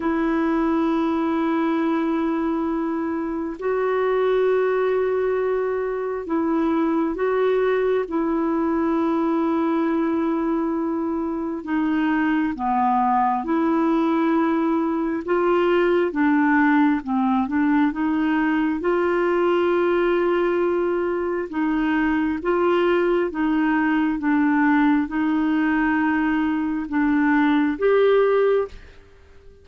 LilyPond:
\new Staff \with { instrumentName = "clarinet" } { \time 4/4 \tempo 4 = 67 e'1 | fis'2. e'4 | fis'4 e'2.~ | e'4 dis'4 b4 e'4~ |
e'4 f'4 d'4 c'8 d'8 | dis'4 f'2. | dis'4 f'4 dis'4 d'4 | dis'2 d'4 g'4 | }